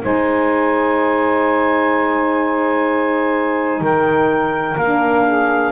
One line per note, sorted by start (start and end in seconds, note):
0.00 3.81 G#3
0.00 4.76 D#4
0.00 3.82 C5
0.00 3.84 G#5
3.81 4.76 D#3
3.81 5.25 A#4
3.81 4.77 G5
4.77 5.72 A#3
4.77 5.72 D4
4.77 5.72 F5
5.25 5.72 G#4